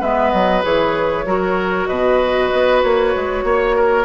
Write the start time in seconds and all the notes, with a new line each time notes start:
0.00 G#3 B3 B4 E5
0.31 F#3 D#5
0.63 E3 G#4 C#5
1.26 F#3 F#4 A#4
1.87 B2 B4 D#5
2.53 B3
2.83 A#3 C#5
3.16 G#3
3.44 A#3 C#5
3.76 A#4